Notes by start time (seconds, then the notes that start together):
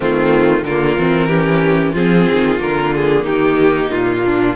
0.00 D#3 A3 C4 F4
0.63 D3 F4 A#4
0.70 A#3
0.98 E3 C4
1.27 C#4 G4
1.92 F3 C4 F4 G#4
2.30 D#3
2.58 D3 A#3 A#4
2.95 G#4
3.23 D#3 D#4 G4
3.91 A#2 F4
4.24 D4